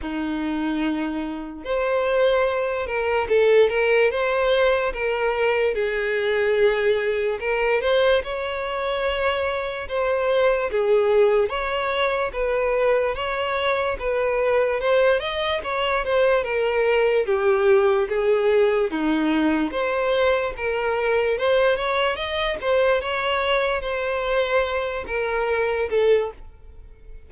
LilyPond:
\new Staff \with { instrumentName = "violin" } { \time 4/4 \tempo 4 = 73 dis'2 c''4. ais'8 | a'8 ais'8 c''4 ais'4 gis'4~ | gis'4 ais'8 c''8 cis''2 | c''4 gis'4 cis''4 b'4 |
cis''4 b'4 c''8 dis''8 cis''8 c''8 | ais'4 g'4 gis'4 dis'4 | c''4 ais'4 c''8 cis''8 dis''8 c''8 | cis''4 c''4. ais'4 a'8 | }